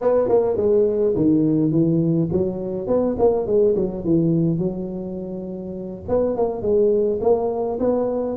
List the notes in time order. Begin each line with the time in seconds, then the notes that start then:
0.01 B3
0.28 A#3
0.56 G#3
1.16 D#3
1.71 E3
2.32 F#3
2.87 B3
3.18 A#3
3.46 G#3
3.75 F#3
4.04 E3
4.58 F#3
6.08 B3
6.36 A#3
6.62 G#3
7.21 A#3
7.79 B3